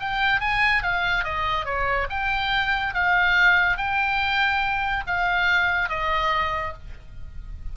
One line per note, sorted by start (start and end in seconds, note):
0.00 0.41 G5
0.41 0.83 G#5
0.83 1.24 F5
1.24 1.65 D#5
1.65 2.08 C#5
2.10 2.94 G5
2.94 3.77 F5
3.77 5.04 G5
5.07 5.89 F5
5.89 6.74 D#5